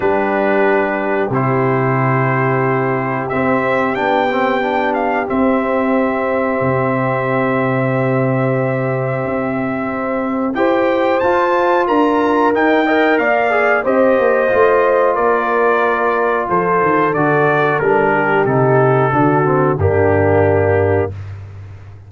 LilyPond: <<
  \new Staff \with { instrumentName = "trumpet" } { \time 4/4 \tempo 4 = 91 b'2 c''2~ | c''4 e''4 g''4. f''8 | e''1~ | e''1 |
g''4 a''4 ais''4 g''4 | f''4 dis''2 d''4~ | d''4 c''4 d''4 ais'4 | a'2 g'2 | }
  \new Staff \with { instrumentName = "horn" } { \time 4/4 g'1~ | g'1~ | g'1~ | g'1 |
c''2 ais'4. dis''8 | d''4 c''2 ais'4~ | ais'4 a'2~ a'8 g'8~ | g'4 fis'4 d'2 | }
  \new Staff \with { instrumentName = "trombone" } { \time 4/4 d'2 e'2~ | e'4 c'4 d'8 c'8 d'4 | c'1~ | c'1 |
g'4 f'2 dis'8 ais'8~ | ais'8 gis'8 g'4 f'2~ | f'2 fis'4 d'4 | dis'4 d'8 c'8 ais2 | }
  \new Staff \with { instrumentName = "tuba" } { \time 4/4 g2 c2~ | c4 c'4 b2 | c'2 c2~ | c2 c'2 |
e'4 f'4 d'4 dis'4 | ais4 c'8 ais8 a4 ais4~ | ais4 f8 dis8 d4 g4 | c4 d4 g,2 | }
>>